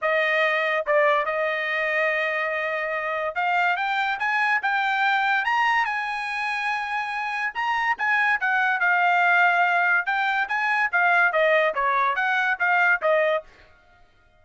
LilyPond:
\new Staff \with { instrumentName = "trumpet" } { \time 4/4 \tempo 4 = 143 dis''2 d''4 dis''4~ | dis''1 | f''4 g''4 gis''4 g''4~ | g''4 ais''4 gis''2~ |
gis''2 ais''4 gis''4 | fis''4 f''2. | g''4 gis''4 f''4 dis''4 | cis''4 fis''4 f''4 dis''4 | }